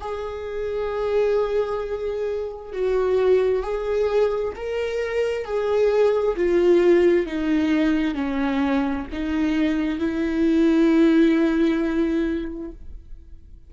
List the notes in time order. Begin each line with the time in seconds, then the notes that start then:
0.00 G#4
2.72 F#4
3.62 G#4
4.55 A#4
5.45 G#4
6.36 F4
7.26 D#4
8.14 C#4
9.12 D#4
9.99 E4